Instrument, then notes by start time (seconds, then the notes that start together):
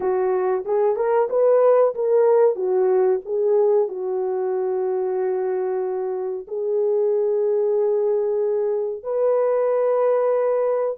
horn
0.00 F#4
0.65 G#4
0.96 A#4
1.29 B4
1.94 A#4
2.55 F#4
3.25 G#4
3.88 F#4
6.47 G#4
9.03 B4